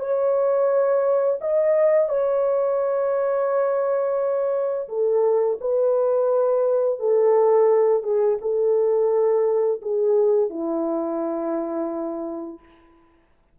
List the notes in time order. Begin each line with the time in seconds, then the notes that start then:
0.00 C#5
1.41 D#5
2.09 C#5
4.89 A4
5.61 B4
7.00 A4
8.03 G#4
8.41 A4
9.82 G#4
10.50 E4